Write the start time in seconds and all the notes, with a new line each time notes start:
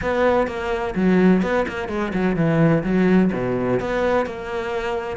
0.02 B3
0.47 A#3
0.95 F#3
1.42 B3
1.68 A#3
1.88 G#3
2.13 F#3
2.36 E3
2.83 F#3
3.33 B2
3.79 B3
4.26 A#3